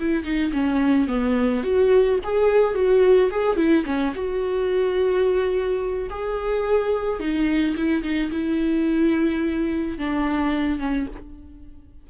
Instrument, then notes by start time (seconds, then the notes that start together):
viola
0.00 E4
0.24 D#4
0.53 C#4
1.08 B3
1.64 F#4
2.24 G#4
2.75 F#4
3.32 G#4
3.57 E4
3.86 C#4
4.15 F#4
6.10 G#4
7.20 D#4
7.77 E4
8.03 D#4
8.32 E4
9.98 D4
10.79 C#4